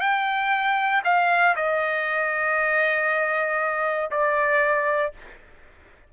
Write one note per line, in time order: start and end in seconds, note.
0.00 1.02 G5
1.04 1.55 F5
1.56 4.10 D#5
4.10 5.12 D5